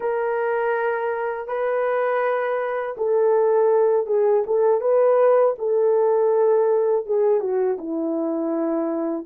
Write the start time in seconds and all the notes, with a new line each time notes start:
0.00 A#4
1.47 B4
2.97 A4
4.06 G#4
4.46 A4
4.80 B4
5.58 A4
7.06 G#4
7.40 F#4
7.77 E4